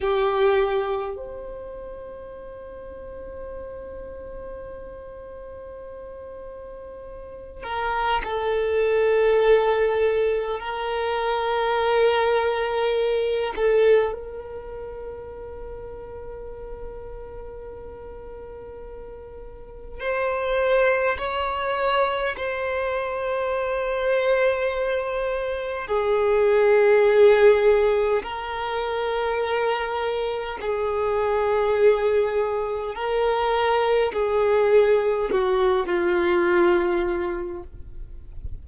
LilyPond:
\new Staff \with { instrumentName = "violin" } { \time 4/4 \tempo 4 = 51 g'4 c''2.~ | c''2~ c''8 ais'8 a'4~ | a'4 ais'2~ ais'8 a'8 | ais'1~ |
ais'4 c''4 cis''4 c''4~ | c''2 gis'2 | ais'2 gis'2 | ais'4 gis'4 fis'8 f'4. | }